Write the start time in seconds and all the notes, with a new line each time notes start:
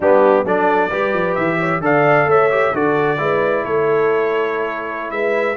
0.00 G3 B3 D4 G4
0.44 F#3 D4 A4 D5
0.89 G3 G4 B4
1.13 F3
1.34 E3 E5
1.59 C#5
1.80 D3 A4 D5 F5
2.26 A3 C#5 E5
2.50 G4
2.72 D3 F#4 A4 D5
3.17 G#3 E4 B4
3.63 A3 A4 C#5
5.10 G#3 B4 E5